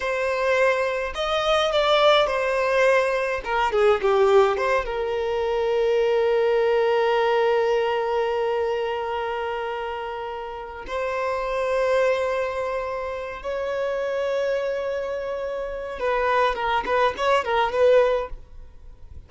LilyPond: \new Staff \with { instrumentName = "violin" } { \time 4/4 \tempo 4 = 105 c''2 dis''4 d''4 | c''2 ais'8 gis'8 g'4 | c''8 ais'2.~ ais'8~ | ais'1~ |
ais'2. c''4~ | c''2.~ c''8 cis''8~ | cis''1 | b'4 ais'8 b'8 cis''8 ais'8 b'4 | }